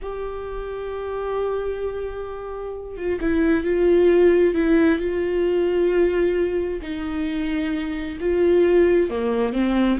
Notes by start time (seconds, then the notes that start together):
0.01 G4
2.96 F4
3.20 E4
3.63 F4
4.54 E4
4.98 F4
6.81 D#4
8.20 F4
9.10 A#3
9.52 C4